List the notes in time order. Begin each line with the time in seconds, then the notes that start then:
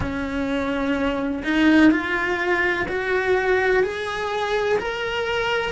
0.00 C#4
1.44 D#4
1.90 F4
2.88 F#4
3.83 G#4
4.79 A#4